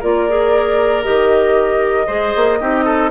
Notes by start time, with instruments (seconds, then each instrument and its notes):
0.00 bassoon A#3, clarinet F4, oboe A#4, flute D5
0.29 clarinet G#4
1.03 bassoon D#3, clarinet G4, flute D#5
2.07 bassoon G#3, clarinet G#4, oboe C5
2.36 bassoon A#3
2.61 bassoon C4, clarinet D#4, oboe G4
2.85 oboe A4